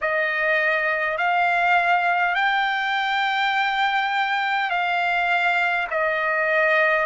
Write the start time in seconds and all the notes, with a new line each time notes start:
0.01 D#5
1.17 F5
2.34 G5
4.70 F5
5.90 D#5